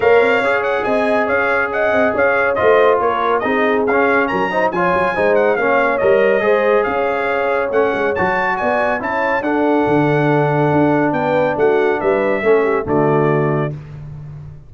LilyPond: <<
  \new Staff \with { instrumentName = "trumpet" } { \time 4/4 \tempo 4 = 140 f''4. fis''8 gis''4 f''4 | fis''4 f''4 dis''4 cis''4 | dis''4 f''4 ais''4 gis''4~ | gis''8 fis''8 f''4 dis''2 |
f''2 fis''4 a''4 | gis''4 a''4 fis''2~ | fis''2 g''4 fis''4 | e''2 d''2 | }
  \new Staff \with { instrumentName = "horn" } { \time 4/4 cis''2 dis''4 cis''4 | dis''4 cis''4 c''4 ais'4 | gis'2 ais'8 c''8 cis''4 | c''4 cis''2 c''4 |
cis''1 | d''4 cis''4 a'2~ | a'2 b'4 fis'4 | b'4 a'8 g'8 fis'2 | }
  \new Staff \with { instrumentName = "trombone" } { \time 4/4 ais'4 gis'2.~ | gis'2 f'2 | dis'4 cis'4. dis'8 f'4 | dis'4 cis'4 ais'4 gis'4~ |
gis'2 cis'4 fis'4~ | fis'4 e'4 d'2~ | d'1~ | d'4 cis'4 a2 | }
  \new Staff \with { instrumentName = "tuba" } { \time 4/4 ais8 c'8 cis'4 c'4 cis'4~ | cis'8 c'8 cis'4 a4 ais4 | c'4 cis'4 fis4 f8 fis8 | gis4 ais4 g4 gis4 |
cis'2 a8 gis8 fis4 | b4 cis'4 d'4 d4~ | d4 d'4 b4 a4 | g4 a4 d2 | }
>>